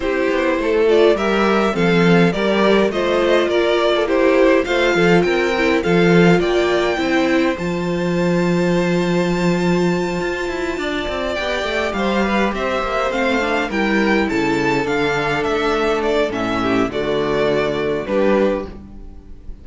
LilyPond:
<<
  \new Staff \with { instrumentName = "violin" } { \time 4/4 \tempo 4 = 103 c''4. d''8 e''4 f''4 | d''4 dis''4 d''4 c''4 | f''4 g''4 f''4 g''4~ | g''4 a''2.~ |
a''2.~ a''8 g''8~ | g''8 f''4 e''4 f''4 g''8~ | g''8 a''4 f''4 e''4 d''8 | e''4 d''2 b'4 | }
  \new Staff \with { instrumentName = "violin" } { \time 4/4 g'4 a'4 ais'4 a'4 | ais'4 c''4 ais'8. a'16 g'4 | c''8 a'8 ais'4 a'4 d''4 | c''1~ |
c''2~ c''8 d''4.~ | d''8 c''8 b'8 c''2 ais'8~ | ais'8 a'2.~ a'8~ | a'8 g'8 fis'2 g'4 | }
  \new Staff \with { instrumentName = "viola" } { \time 4/4 e'4. f'8 g'4 c'4 | g'4 f'2 e'4 | f'4. e'8 f'2 | e'4 f'2.~ |
f'2.~ f'8 g'8~ | g'2~ g'8 c'8 d'8 e'8~ | e'4. d'2~ d'8 | cis'4 a2 d'4 | }
  \new Staff \with { instrumentName = "cello" } { \time 4/4 c'8 b8 a4 g4 f4 | g4 a4 ais2 | a8 f8 c'4 f4 ais4 | c'4 f2.~ |
f4. f'8 e'8 d'8 c'8 b8 | a8 g4 c'8 ais8 a4 g8~ | g8 cis4 d4 a4. | a,4 d2 g4 | }
>>